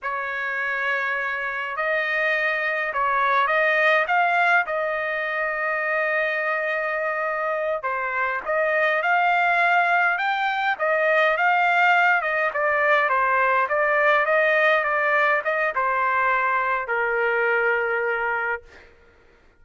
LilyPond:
\new Staff \with { instrumentName = "trumpet" } { \time 4/4 \tempo 4 = 103 cis''2. dis''4~ | dis''4 cis''4 dis''4 f''4 | dis''1~ | dis''4. c''4 dis''4 f''8~ |
f''4. g''4 dis''4 f''8~ | f''4 dis''8 d''4 c''4 d''8~ | d''8 dis''4 d''4 dis''8 c''4~ | c''4 ais'2. | }